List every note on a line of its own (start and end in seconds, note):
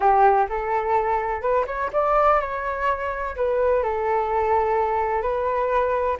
0.00 0.47 G4
0.49 1.41 A4
1.41 1.65 B4
1.67 1.90 C#5
1.93 2.40 D5
2.40 3.35 C#5
3.35 3.83 B4
3.83 5.22 A4
5.22 6.17 B4